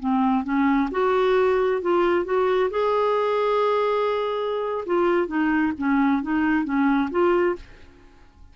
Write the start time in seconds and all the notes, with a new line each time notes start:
0.00 C4
0.44 C#4
0.92 F#4
1.82 F4
2.25 F#4
2.71 G#4
4.86 F4
5.28 D#4
5.78 C#4
6.23 D#4
6.65 C#4
7.11 F4